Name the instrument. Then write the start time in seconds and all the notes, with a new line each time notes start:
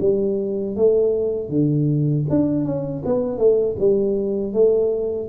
tuba
0.00 G3
0.76 A3
1.49 D3
2.30 D4
2.65 C#4
3.05 B3
3.38 A3
3.79 G3
4.53 A3